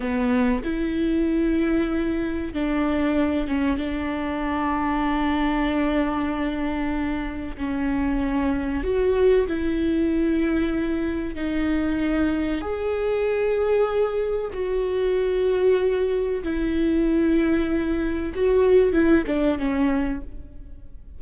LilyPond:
\new Staff \with { instrumentName = "viola" } { \time 4/4 \tempo 4 = 95 b4 e'2. | d'4. cis'8 d'2~ | d'1 | cis'2 fis'4 e'4~ |
e'2 dis'2 | gis'2. fis'4~ | fis'2 e'2~ | e'4 fis'4 e'8 d'8 cis'4 | }